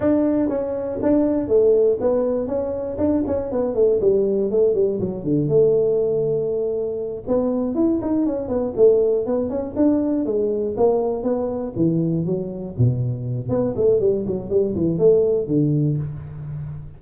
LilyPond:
\new Staff \with { instrumentName = "tuba" } { \time 4/4 \tempo 4 = 120 d'4 cis'4 d'4 a4 | b4 cis'4 d'8 cis'8 b8 a8 | g4 a8 g8 fis8 d8 a4~ | a2~ a8 b4 e'8 |
dis'8 cis'8 b8 a4 b8 cis'8 d'8~ | d'8 gis4 ais4 b4 e8~ | e8 fis4 b,4. b8 a8 | g8 fis8 g8 e8 a4 d4 | }